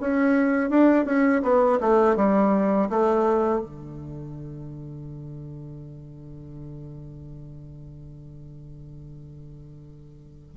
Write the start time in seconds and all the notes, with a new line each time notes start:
0.00 C#4
0.70 D4
1.05 C#4
1.42 B3
1.80 A3
2.16 G3
2.89 A3
3.60 D3